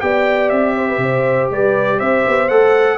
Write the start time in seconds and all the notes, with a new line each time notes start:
0.00 B3 G4 D5 G5
0.49 C4 E5
0.75 C5
0.88 B4
0.97 C3 C5
1.50 G3 B4 D5
1.97 C4 C5 E5
2.27 B3
2.48 A3 A4 F#5